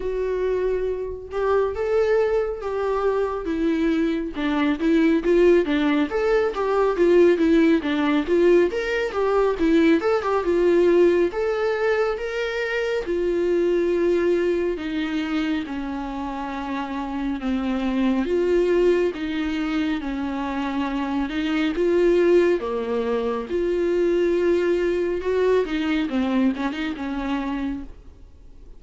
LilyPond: \new Staff \with { instrumentName = "viola" } { \time 4/4 \tempo 4 = 69 fis'4. g'8 a'4 g'4 | e'4 d'8 e'8 f'8 d'8 a'8 g'8 | f'8 e'8 d'8 f'8 ais'8 g'8 e'8 a'16 g'16 | f'4 a'4 ais'4 f'4~ |
f'4 dis'4 cis'2 | c'4 f'4 dis'4 cis'4~ | cis'8 dis'8 f'4 ais4 f'4~ | f'4 fis'8 dis'8 c'8 cis'16 dis'16 cis'4 | }